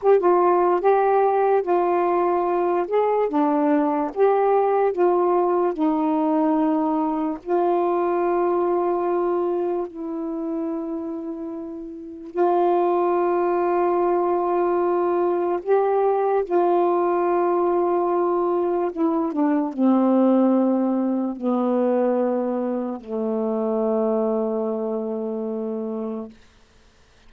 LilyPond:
\new Staff \with { instrumentName = "saxophone" } { \time 4/4 \tempo 4 = 73 g'16 f'8. g'4 f'4. gis'8 | d'4 g'4 f'4 dis'4~ | dis'4 f'2. | e'2. f'4~ |
f'2. g'4 | f'2. e'8 d'8 | c'2 b2 | a1 | }